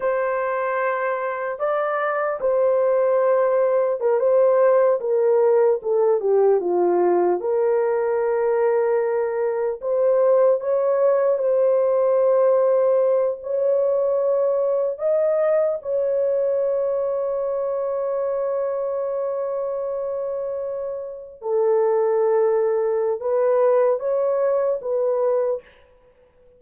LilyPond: \new Staff \with { instrumentName = "horn" } { \time 4/4 \tempo 4 = 75 c''2 d''4 c''4~ | c''4 ais'16 c''4 ais'4 a'8 g'16~ | g'16 f'4 ais'2~ ais'8.~ | ais'16 c''4 cis''4 c''4.~ c''16~ |
c''8. cis''2 dis''4 cis''16~ | cis''1~ | cis''2~ cis''8. a'4~ a'16~ | a'4 b'4 cis''4 b'4 | }